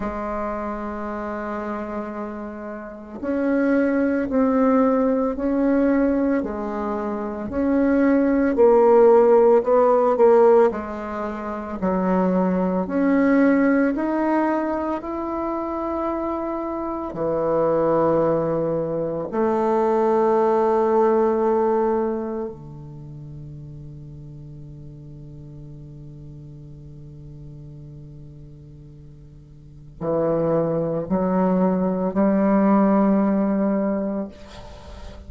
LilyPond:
\new Staff \with { instrumentName = "bassoon" } { \time 4/4 \tempo 4 = 56 gis2. cis'4 | c'4 cis'4 gis4 cis'4 | ais4 b8 ais8 gis4 fis4 | cis'4 dis'4 e'2 |
e2 a2~ | a4 d2.~ | d1 | e4 fis4 g2 | }